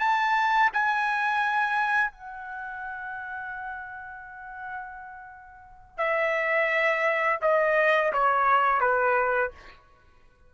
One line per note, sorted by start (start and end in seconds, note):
0.00 0.71 A5
0.73 2.12 G#5
2.12 5.98 F#5
5.98 7.39 E5
7.42 8.13 D#5
8.13 8.81 C#5
8.81 9.51 B4